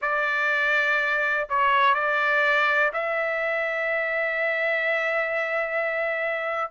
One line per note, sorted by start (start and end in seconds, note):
0.01 1.47 D5
1.49 1.94 C#5
1.94 2.92 D5
2.93 6.71 E5